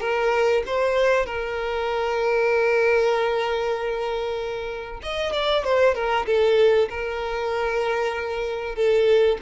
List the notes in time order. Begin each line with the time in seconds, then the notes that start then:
0.00 A#4
0.66 C5
1.26 A#4
5.03 D#5
5.33 D5
5.64 C5
5.94 A#4
6.26 A4
6.89 A#4
8.75 A4